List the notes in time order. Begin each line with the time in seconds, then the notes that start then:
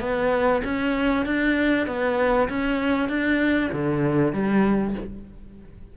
0.00 B3
0.64 C#4
1.26 D4
1.86 B3
2.49 C#4
3.09 D4
3.72 D3
4.33 G3